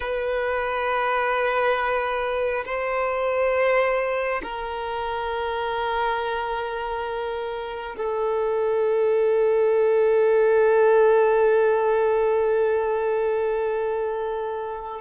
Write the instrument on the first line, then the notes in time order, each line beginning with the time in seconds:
violin
0.00 B4
2.65 C5
4.43 A#4
7.97 A4